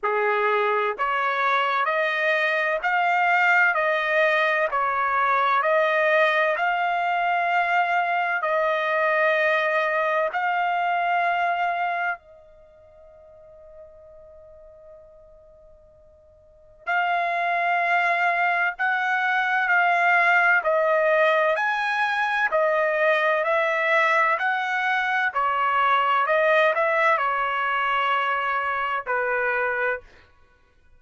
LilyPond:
\new Staff \with { instrumentName = "trumpet" } { \time 4/4 \tempo 4 = 64 gis'4 cis''4 dis''4 f''4 | dis''4 cis''4 dis''4 f''4~ | f''4 dis''2 f''4~ | f''4 dis''2.~ |
dis''2 f''2 | fis''4 f''4 dis''4 gis''4 | dis''4 e''4 fis''4 cis''4 | dis''8 e''8 cis''2 b'4 | }